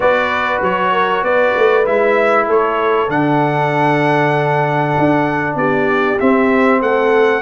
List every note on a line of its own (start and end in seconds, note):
0.00 0.60 B3
0.00 1.84 F#4
0.00 0.92 B4
0.00 0.62 D5
0.60 1.22 F#3
0.60 1.24 C#5
0.92 1.23 A#4
1.22 1.53 B3
1.22 2.46 B4
1.22 1.86 D5
1.56 1.87 A3
1.84 2.48 G#3
1.84 3.08 E4
1.84 2.48 E5
2.46 3.08 A3
2.46 5.56 A4
2.46 3.10 C#5
3.08 4.93 D3
3.08 6.19 D4
3.08 5.57 F#5
4.98 5.55 D4
5.55 6.17 B3
5.55 6.81 G4
5.55 6.19 D5
6.19 7.41 C4
6.19 6.82 C4
6.19 6.81 E5
6.81 7.41 A3
6.81 7.41 A4
6.81 7.41 F#5